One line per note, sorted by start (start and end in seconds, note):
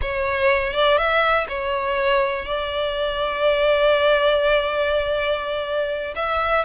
0.01 0.73 C#5
0.73 0.97 D5
0.97 1.46 E5
1.48 2.45 C#5
2.45 6.14 D5
6.15 6.64 E5